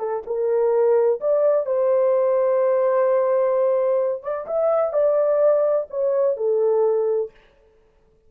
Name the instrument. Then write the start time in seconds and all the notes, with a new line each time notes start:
horn
0.00 A4
0.27 A#4
1.21 D5
1.66 C5
4.23 D5
4.47 E5
4.93 D5
5.91 C#5
6.37 A4